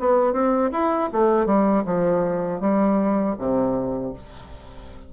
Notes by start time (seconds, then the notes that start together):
0.00 B3
0.33 C4
0.72 E4
1.12 A3
1.46 G3
1.85 F3
2.60 G3
3.39 C3